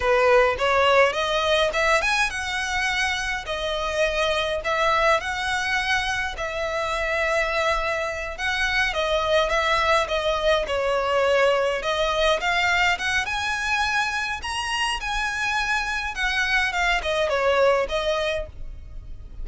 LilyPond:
\new Staff \with { instrumentName = "violin" } { \time 4/4 \tempo 4 = 104 b'4 cis''4 dis''4 e''8 gis''8 | fis''2 dis''2 | e''4 fis''2 e''4~ | e''2~ e''8 fis''4 dis''8~ |
dis''8 e''4 dis''4 cis''4.~ | cis''8 dis''4 f''4 fis''8 gis''4~ | gis''4 ais''4 gis''2 | fis''4 f''8 dis''8 cis''4 dis''4 | }